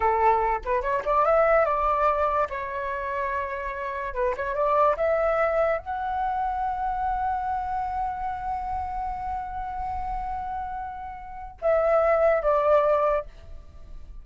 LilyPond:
\new Staff \with { instrumentName = "flute" } { \time 4/4 \tempo 4 = 145 a'4. b'8 cis''8 d''8 e''4 | d''2 cis''2~ | cis''2 b'8 cis''8 d''4 | e''2 fis''2~ |
fis''1~ | fis''1~ | fis''1 | e''2 d''2 | }